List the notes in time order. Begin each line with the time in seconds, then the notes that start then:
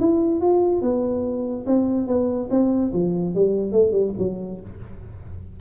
0.00 E4
0.41 F4
0.82 B3
1.67 C4
2.07 B3
2.51 C4
2.93 F3
3.35 G3
3.72 A3
3.92 G3
4.19 F#3